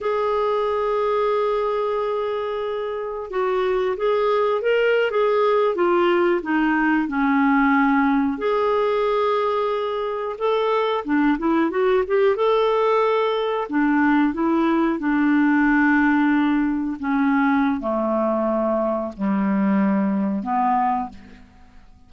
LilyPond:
\new Staff \with { instrumentName = "clarinet" } { \time 4/4 \tempo 4 = 91 gis'1~ | gis'4 fis'4 gis'4 ais'8. gis'16~ | gis'8. f'4 dis'4 cis'4~ cis'16~ | cis'8. gis'2. a'16~ |
a'8. d'8 e'8 fis'8 g'8 a'4~ a'16~ | a'8. d'4 e'4 d'4~ d'16~ | d'4.~ d'16 cis'4~ cis'16 a4~ | a4 g2 b4 | }